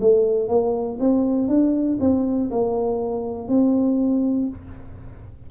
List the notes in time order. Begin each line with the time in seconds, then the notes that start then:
0.00 A3
0.48 A#3
0.99 C4
1.48 D4
2.00 C4
2.50 A#3
3.48 C4